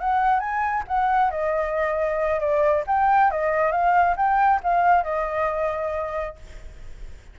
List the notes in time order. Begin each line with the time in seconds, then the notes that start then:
0.00 F#5
0.40 G#5
0.88 F#5
1.31 D#5
2.40 D5
2.87 G5
3.31 D#5
3.72 F5
4.17 G5
4.63 F5
5.04 D#5